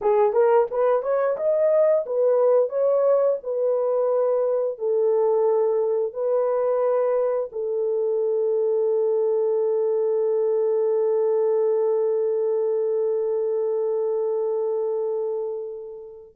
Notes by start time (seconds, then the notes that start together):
0.01 G#4
0.33 A#4
0.71 B4
1.02 C#5
1.36 D#5
2.06 B4
2.69 C#5
3.43 B4
4.78 A4
6.13 B4
7.52 A4